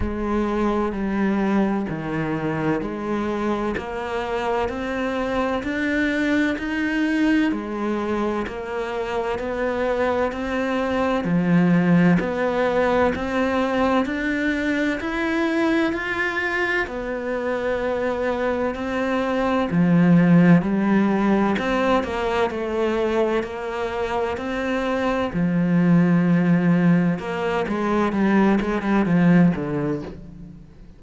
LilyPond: \new Staff \with { instrumentName = "cello" } { \time 4/4 \tempo 4 = 64 gis4 g4 dis4 gis4 | ais4 c'4 d'4 dis'4 | gis4 ais4 b4 c'4 | f4 b4 c'4 d'4 |
e'4 f'4 b2 | c'4 f4 g4 c'8 ais8 | a4 ais4 c'4 f4~ | f4 ais8 gis8 g8 gis16 g16 f8 d8 | }